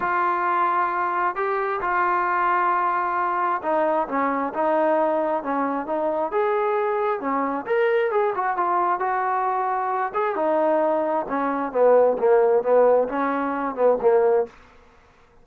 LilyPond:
\new Staff \with { instrumentName = "trombone" } { \time 4/4 \tempo 4 = 133 f'2. g'4 | f'1 | dis'4 cis'4 dis'2 | cis'4 dis'4 gis'2 |
cis'4 ais'4 gis'8 fis'8 f'4 | fis'2~ fis'8 gis'8 dis'4~ | dis'4 cis'4 b4 ais4 | b4 cis'4. b8 ais4 | }